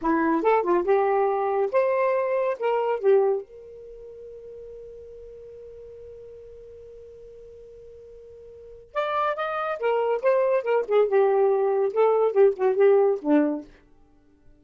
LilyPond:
\new Staff \with { instrumentName = "saxophone" } { \time 4/4 \tempo 4 = 141 e'4 a'8 f'8 g'2 | c''2 ais'4 g'4 | ais'1~ | ais'1~ |
ais'1~ | ais'4 d''4 dis''4 ais'4 | c''4 ais'8 gis'8 g'2 | a'4 g'8 fis'8 g'4 d'4 | }